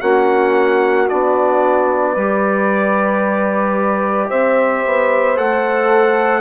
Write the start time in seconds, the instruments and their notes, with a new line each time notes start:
0.00 bassoon A#3, trombone C#4, saxophone F#4, trumpet F#5
1.09 bassoon B3, trombone D4, trumpet D5
2.12 bassoon G3, trombone G4, saxophone B4
4.29 bassoon C4, saxophone C5, trumpet E5
4.85 bassoon B3
5.36 bassoon A3, trombone A4, trumpet F#5